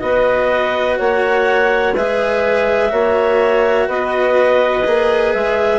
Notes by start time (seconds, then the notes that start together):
0.00 B3 F#4 B4 D#5
0.98 A#3 C#5 F#5
1.95 G#3 G#4 B4 E5
2.89 A#3 F#4 C#5
3.87 B3 B4 D#5
4.85 A#3 G#4
5.34 G#3 E5